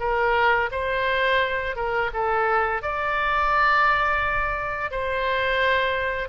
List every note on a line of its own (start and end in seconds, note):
0.00 0.70 A#4
0.71 1.76 C5
1.76 2.11 A#4
2.13 2.82 A4
2.82 4.91 D5
4.91 6.29 C5